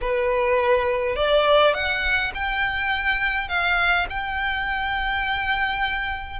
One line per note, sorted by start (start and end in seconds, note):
0.01 1.15 B4
1.15 1.73 D5
1.73 2.32 F#5
2.34 3.48 G5
3.48 4.06 F5
4.09 6.39 G5